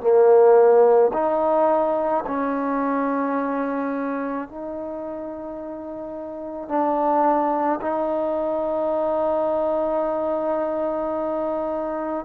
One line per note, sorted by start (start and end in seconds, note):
0.00 1.11 A#3
1.13 2.24 D#4
2.27 4.48 C#4
4.48 6.69 D#4
6.69 7.80 D4
7.81 12.25 D#4